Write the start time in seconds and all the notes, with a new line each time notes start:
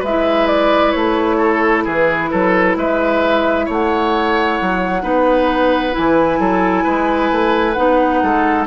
0.00 G#3 B4 E5
0.08 E4
0.47 D5
0.92 A3 C#5
1.38 A4
1.84 E3 G#4 B4
2.32 F#3 A4
2.77 G#3 B4 E5
3.66 A3 C#5 F#5
4.61 F#3
5.03 B3 D#4 B4
5.92 E3 E4 G#5
6.39 F#3 A4
6.84 G#3 B4
7.31 A3
7.74 B3 D#4 F#5
8.23 G#3 A4